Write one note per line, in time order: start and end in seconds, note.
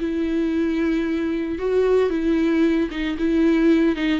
0.00 1.59 E4
1.59 2.10 F#4
2.10 2.90 E4
2.91 3.17 D#4
3.18 3.96 E4
3.96 4.20 D#4